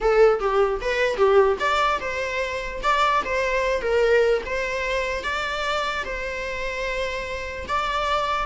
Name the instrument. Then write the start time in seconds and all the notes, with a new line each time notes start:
viola
0.01 A4
0.39 G4
0.81 B4
1.16 G4
1.59 D5
2.00 C5
2.82 D5
3.24 C5
3.81 A#4
4.45 C5
5.23 D5
6.04 C5
7.67 D5